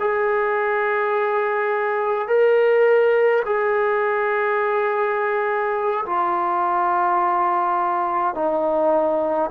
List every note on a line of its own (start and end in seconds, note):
0.00 2.28 G#4
2.28 3.43 A#4
3.45 6.05 G#4
6.06 8.35 F4
8.35 9.50 D#4